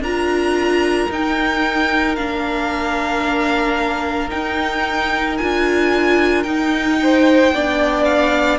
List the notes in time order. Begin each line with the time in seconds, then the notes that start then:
0.00 D4 F4 A#4 A#5
1.10 D#4 G5
2.16 A#3 D4 F5
4.30 D#4 G5
5.38 D4 F4 G#5
6.44 D#4 G5
7.03 C5
7.52 B3 D4 D5
8.05 F5